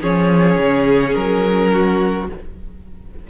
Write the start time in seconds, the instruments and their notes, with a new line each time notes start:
0.00 cello F3, viola C#4, violin G#4 C#5
0.57 cello C#3
1.14 cello F#3, violin A#4
1.72 violin F#4